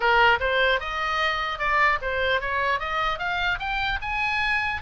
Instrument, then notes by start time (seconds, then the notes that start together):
oboe
0.00 A#4
0.39 C5
0.80 D#5
1.59 D5
2.01 C5
2.41 C#5
2.79 D#5
3.19 F5
3.59 G5
4.01 G#5